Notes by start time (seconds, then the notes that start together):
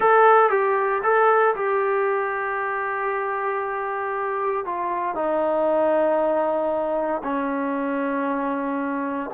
0.00 A4
0.50 G4
1.03 A4
1.55 G4
4.65 F4
5.15 D#4
7.23 C#4